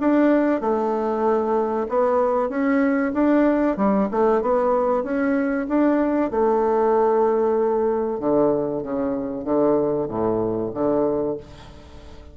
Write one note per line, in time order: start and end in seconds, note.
0.00 0.61 D4
0.61 1.87 A3
1.89 2.49 B3
2.49 3.12 C#4
3.13 3.77 D4
3.77 4.08 G3
4.11 4.42 A3
4.42 5.04 B3
5.04 5.67 C#4
5.68 6.31 D4
6.31 8.20 A3
8.20 8.83 D3
8.83 9.44 C#3
9.44 10.07 D3
10.08 10.71 A2
10.74 11.37 D3